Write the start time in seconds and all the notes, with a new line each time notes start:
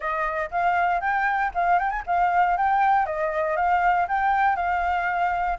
0.00 D#5
0.51 F5
1.01 G5
1.54 F5
1.79 G5
1.90 G#5
2.06 F5
2.57 G5
3.06 D#5
3.56 F5
4.07 G5
4.56 F5